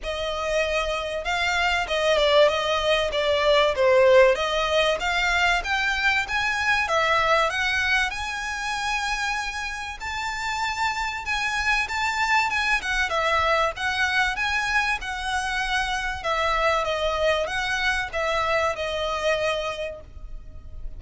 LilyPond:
\new Staff \with { instrumentName = "violin" } { \time 4/4 \tempo 4 = 96 dis''2 f''4 dis''8 d''8 | dis''4 d''4 c''4 dis''4 | f''4 g''4 gis''4 e''4 | fis''4 gis''2. |
a''2 gis''4 a''4 | gis''8 fis''8 e''4 fis''4 gis''4 | fis''2 e''4 dis''4 | fis''4 e''4 dis''2 | }